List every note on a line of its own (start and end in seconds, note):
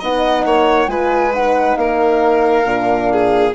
0.00 0.45 B3
0.00 0.88 D#4
0.00 0.44 D#5
0.00 0.88 F#5
0.45 0.87 A#3
0.45 0.90 C#5
0.87 1.76 G#3
0.87 1.32 F4
0.87 1.78 B4
0.87 1.33 G#5
1.34 2.66 D#4
1.34 1.76 F#5
1.76 2.65 A#3
1.76 3.12 A#4
1.76 3.53 F5
2.65 3.53 A#2
2.65 3.54 D4
3.12 3.55 G#4